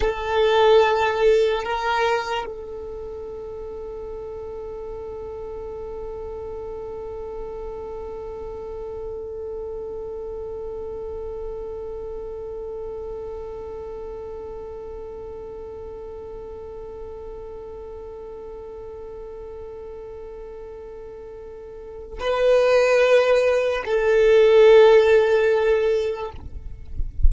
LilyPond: \new Staff \with { instrumentName = "violin" } { \time 4/4 \tempo 4 = 73 a'2 ais'4 a'4~ | a'1~ | a'1~ | a'1~ |
a'1~ | a'1~ | a'2. b'4~ | b'4 a'2. | }